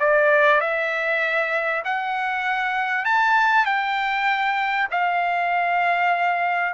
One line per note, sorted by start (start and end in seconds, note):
0.00 0.61 D5
0.61 1.83 E5
1.85 3.05 F#5
3.05 3.65 A5
3.65 4.88 G5
4.91 6.74 F5